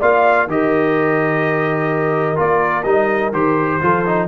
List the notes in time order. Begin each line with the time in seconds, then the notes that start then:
0.00 A#3 F4 D5 F5
0.47 D#3 G4 A#4 D#5
2.36 A#3 F4 D5
2.84 G3 D#4 D#5
3.33 D#3 G4 C5
3.81 F3 F4 A4
4.06 D#4